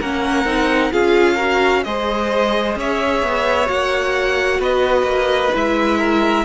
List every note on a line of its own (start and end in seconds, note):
0.00 0.45 A#3
0.00 0.45 C#4
0.00 0.92 A#4
0.00 0.92 F#5
0.45 0.91 C4
0.45 0.91 D#4
0.91 1.85 C#4
0.91 1.37 F4
0.91 1.35 G#4
0.91 1.83 F5
1.35 1.85 F#4
1.35 1.81 A#4
1.83 2.76 G#3
1.83 3.66 G#4
1.83 2.79 C5
1.83 2.76 D#5
2.76 3.22 C#4
2.76 4.60 C#5
2.76 3.69 E5
3.22 3.68 B3
3.66 4.59 A#3
3.66 5.50 F#4
3.66 4.61 F#5
4.59 5.02 B3
4.59 5.98 B4
4.59 5.55 D#5
5.02 5.49 A#3
5.53 6.45 G#3
5.53 6.45 E4
5.53 6.45 E5
5.98 6.45 A#4